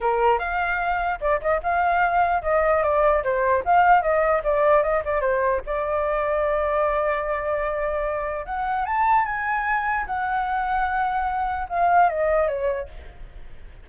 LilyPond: \new Staff \with { instrumentName = "flute" } { \time 4/4 \tempo 4 = 149 ais'4 f''2 d''8 dis''8 | f''2 dis''4 d''4 | c''4 f''4 dis''4 d''4 | dis''8 d''8 c''4 d''2~ |
d''1~ | d''4 fis''4 a''4 gis''4~ | gis''4 fis''2.~ | fis''4 f''4 dis''4 cis''4 | }